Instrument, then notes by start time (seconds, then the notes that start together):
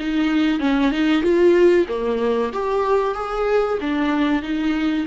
viola
0.00 D#4
0.60 C#4
0.92 D#4
1.23 F4
1.89 A#3
2.54 G4
3.15 G#4
3.81 D4
4.43 D#4